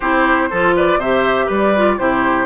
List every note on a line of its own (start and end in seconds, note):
0.00 0.51 C4
0.00 0.51 E4
0.00 0.48 G4
0.00 0.74 C5
0.50 0.96 F3
0.50 1.02 F4
0.50 0.75 A4
0.75 0.99 B4
0.75 1.01 D5
0.96 1.46 C3
0.96 1.76 G4
0.96 1.46 C5
0.96 1.50 E5
1.46 1.99 G3
1.46 1.95 B4
1.46 1.98 D5
1.76 1.98 F4
1.98 2.46 C3
1.98 2.46 E4
1.98 2.46 G4
1.98 2.46 C5